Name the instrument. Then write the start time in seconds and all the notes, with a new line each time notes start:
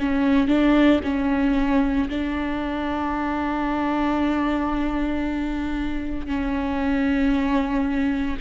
viola
0.00 C#4
0.48 D4
1.03 C#4
2.09 D4
6.27 C#4